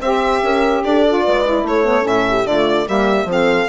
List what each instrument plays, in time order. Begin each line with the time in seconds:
0.00 bassoon C4, saxophone G4, horn C5, violin E5
0.43 bassoon C#4, horn A#4
0.84 bassoon D4, horn A4, violin D5
1.08 saxophone F4
1.23 bassoon G#3, horn B4
1.45 saxophone E4
1.63 bassoon A3, horn A4, violin C#5
1.84 saxophone B3
2.02 bassoon A2, saxophone C#4, violin E5
2.29 horn G4
2.45 bassoon D3, saxophone A3, horn F4, violin D5
2.87 bassoon G3, saxophone A#3, horn G4, violin E5
3.25 bassoon F3, saxophone C4, horn A4
3.32 violin F5